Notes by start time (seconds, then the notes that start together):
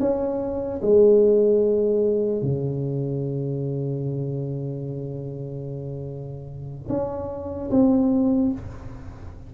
0.00 C#4
0.82 G#3
2.42 C#3
6.89 C#4
7.71 C4